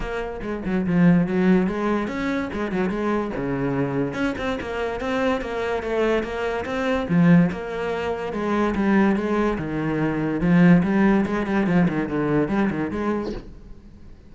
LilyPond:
\new Staff \with { instrumentName = "cello" } { \time 4/4 \tempo 4 = 144 ais4 gis8 fis8 f4 fis4 | gis4 cis'4 gis8 fis8 gis4 | cis2 cis'8 c'8 ais4 | c'4 ais4 a4 ais4 |
c'4 f4 ais2 | gis4 g4 gis4 dis4~ | dis4 f4 g4 gis8 g8 | f8 dis8 d4 g8 dis8 gis4 | }